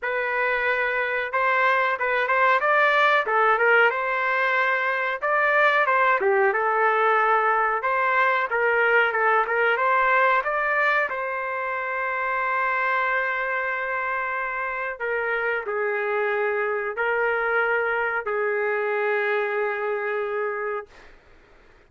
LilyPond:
\new Staff \with { instrumentName = "trumpet" } { \time 4/4 \tempo 4 = 92 b'2 c''4 b'8 c''8 | d''4 a'8 ais'8 c''2 | d''4 c''8 g'8 a'2 | c''4 ais'4 a'8 ais'8 c''4 |
d''4 c''2.~ | c''2. ais'4 | gis'2 ais'2 | gis'1 | }